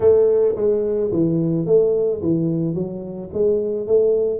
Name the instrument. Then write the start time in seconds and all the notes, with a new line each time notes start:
tuba
0.00 A3
0.55 G#3
1.12 E3
1.66 A3
2.22 E3
2.74 F#3
3.33 G#3
3.87 A3